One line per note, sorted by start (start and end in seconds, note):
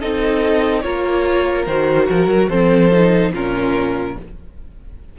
0.00 0.84 C4
0.00 0.83 D#4
0.00 0.83 A4
0.00 0.81 D#5
0.81 1.67 A#3
0.81 1.66 F4
0.81 2.49 A#4
0.81 1.65 C#5
1.66 2.08 D#3
1.66 2.50 F#4
1.66 2.07 C5
2.10 2.27 F3
2.10 2.49 A#4
2.27 2.48 F#3
2.49 3.32 F3
2.49 2.92 C4
2.49 3.32 A4
2.49 3.32 C5
2.92 3.34 D#4
3.32 4.16 A#2
3.32 4.18 C#4
3.32 4.17 F4
3.32 4.18 A#4